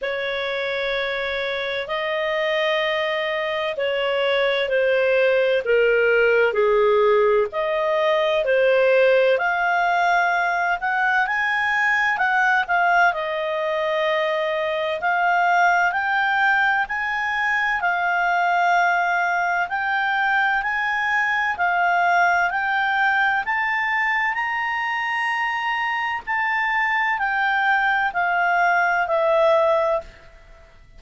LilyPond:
\new Staff \with { instrumentName = "clarinet" } { \time 4/4 \tempo 4 = 64 cis''2 dis''2 | cis''4 c''4 ais'4 gis'4 | dis''4 c''4 f''4. fis''8 | gis''4 fis''8 f''8 dis''2 |
f''4 g''4 gis''4 f''4~ | f''4 g''4 gis''4 f''4 | g''4 a''4 ais''2 | a''4 g''4 f''4 e''4 | }